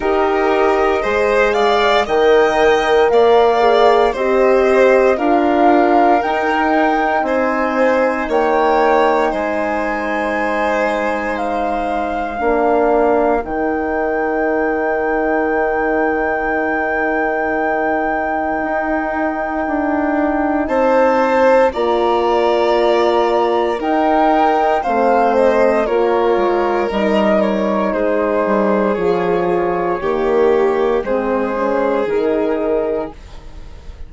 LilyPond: <<
  \new Staff \with { instrumentName = "flute" } { \time 4/4 \tempo 4 = 58 dis''4. f''8 g''4 f''4 | dis''4 f''4 g''4 gis''4 | g''4 gis''2 f''4~ | f''4 g''2.~ |
g''1 | a''4 ais''2 g''4 | f''8 dis''8 cis''4 dis''8 cis''8 c''4 | cis''2 c''4 ais'4 | }
  \new Staff \with { instrumentName = "violin" } { \time 4/4 ais'4 c''8 d''8 dis''4 d''4 | c''4 ais'2 c''4 | cis''4 c''2. | ais'1~ |
ais'1 | c''4 d''2 ais'4 | c''4 ais'2 gis'4~ | gis'4 g'4 gis'2 | }
  \new Staff \with { instrumentName = "horn" } { \time 4/4 g'4 gis'4 ais'4. gis'8 | g'4 f'4 dis'2~ | dis'1 | d'4 dis'2.~ |
dis'1~ | dis'4 f'2 dis'4 | c'4 f'4 dis'2 | f'4 ais4 c'8 cis'8 dis'4 | }
  \new Staff \with { instrumentName = "bassoon" } { \time 4/4 dis'4 gis4 dis4 ais4 | c'4 d'4 dis'4 c'4 | ais4 gis2. | ais4 dis2.~ |
dis2 dis'4 d'4 | c'4 ais2 dis'4 | a4 ais8 gis8 g4 gis8 g8 | f4 dis4 gis4 dis4 | }
>>